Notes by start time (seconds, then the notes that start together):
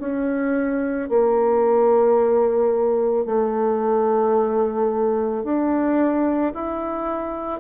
0.00 C#4
1.09 A#3
3.25 A3
5.43 D4
6.55 E4